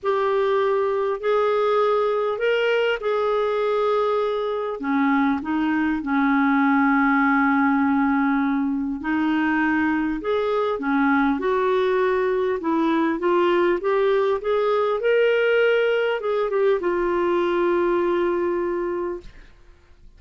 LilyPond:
\new Staff \with { instrumentName = "clarinet" } { \time 4/4 \tempo 4 = 100 g'2 gis'2 | ais'4 gis'2. | cis'4 dis'4 cis'2~ | cis'2. dis'4~ |
dis'4 gis'4 cis'4 fis'4~ | fis'4 e'4 f'4 g'4 | gis'4 ais'2 gis'8 g'8 | f'1 | }